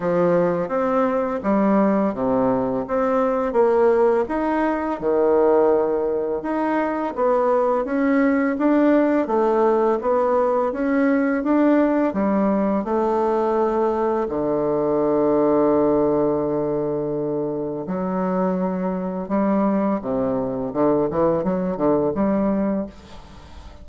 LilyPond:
\new Staff \with { instrumentName = "bassoon" } { \time 4/4 \tempo 4 = 84 f4 c'4 g4 c4 | c'4 ais4 dis'4 dis4~ | dis4 dis'4 b4 cis'4 | d'4 a4 b4 cis'4 |
d'4 g4 a2 | d1~ | d4 fis2 g4 | c4 d8 e8 fis8 d8 g4 | }